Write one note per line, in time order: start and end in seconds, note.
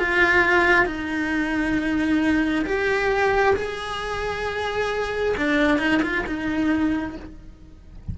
0.00 0.86 F4
0.86 2.65 D#4
2.66 3.55 G4
3.57 5.36 G#4
5.38 5.79 D4
5.79 6.02 D#4
6.03 6.25 F4
6.27 7.16 D#4